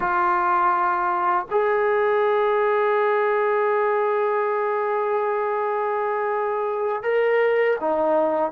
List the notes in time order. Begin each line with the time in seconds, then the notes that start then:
0.00 F4
1.50 G#4
7.02 A#4
7.80 D#4